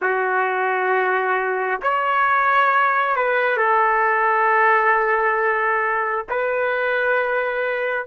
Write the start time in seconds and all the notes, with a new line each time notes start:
0.01 F#4
1.82 C#5
3.15 B4
3.57 A4
6.29 B4